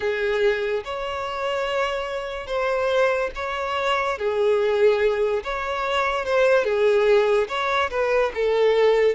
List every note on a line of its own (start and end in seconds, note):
0.00 0.83 G#4
0.84 2.47 C#5
2.47 3.30 C5
3.35 4.18 C#5
4.18 5.43 G#4
5.43 6.25 C#5
6.25 6.64 C5
6.64 7.47 G#4
7.48 7.90 C#5
7.90 8.31 B4
8.34 9.15 A4